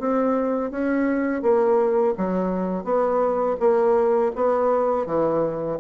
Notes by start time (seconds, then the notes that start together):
0.00 C4
0.71 C#4
1.42 A#3
2.18 F#3
2.84 B3
3.60 A#3
4.35 B3
5.06 E3